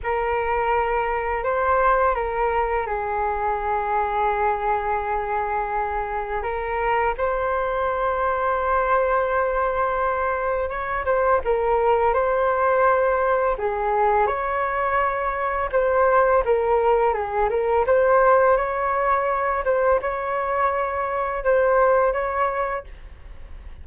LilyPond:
\new Staff \with { instrumentName = "flute" } { \time 4/4 \tempo 4 = 84 ais'2 c''4 ais'4 | gis'1~ | gis'4 ais'4 c''2~ | c''2. cis''8 c''8 |
ais'4 c''2 gis'4 | cis''2 c''4 ais'4 | gis'8 ais'8 c''4 cis''4. c''8 | cis''2 c''4 cis''4 | }